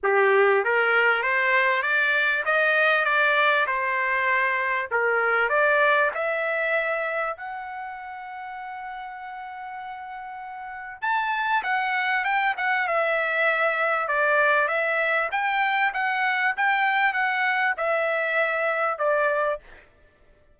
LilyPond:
\new Staff \with { instrumentName = "trumpet" } { \time 4/4 \tempo 4 = 98 g'4 ais'4 c''4 d''4 | dis''4 d''4 c''2 | ais'4 d''4 e''2 | fis''1~ |
fis''2 a''4 fis''4 | g''8 fis''8 e''2 d''4 | e''4 g''4 fis''4 g''4 | fis''4 e''2 d''4 | }